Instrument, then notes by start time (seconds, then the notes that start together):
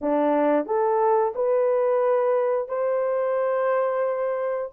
horn
0.01 D4
0.66 A4
1.35 B4
2.68 C5